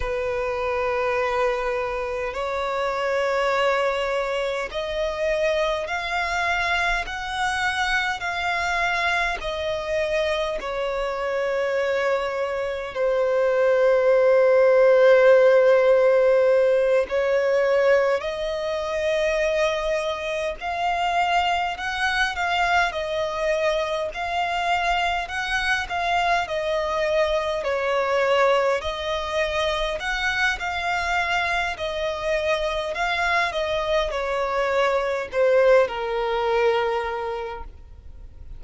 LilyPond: \new Staff \with { instrumentName = "violin" } { \time 4/4 \tempo 4 = 51 b'2 cis''2 | dis''4 f''4 fis''4 f''4 | dis''4 cis''2 c''4~ | c''2~ c''8 cis''4 dis''8~ |
dis''4. f''4 fis''8 f''8 dis''8~ | dis''8 f''4 fis''8 f''8 dis''4 cis''8~ | cis''8 dis''4 fis''8 f''4 dis''4 | f''8 dis''8 cis''4 c''8 ais'4. | }